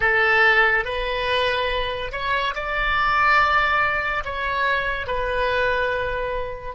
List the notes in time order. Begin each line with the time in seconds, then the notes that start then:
0.00 A4
0.85 B4
2.12 C#5
2.54 D5
4.24 C#5
5.07 B4